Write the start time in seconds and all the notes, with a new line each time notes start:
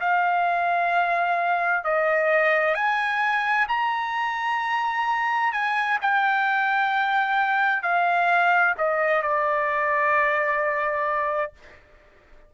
0.00 F5
1.84 D#5
2.74 G#5
3.68 A#5
5.52 G#5
6.01 G5
7.83 F5
8.78 D#5
9.22 D5